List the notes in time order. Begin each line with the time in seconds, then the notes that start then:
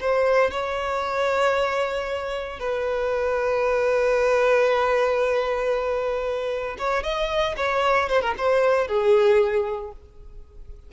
0.00 C5
0.51 C#5
2.59 B4
6.78 C#5
7.03 D#5
7.57 C#5
8.09 C5
8.21 A#4
8.37 C5
8.87 G#4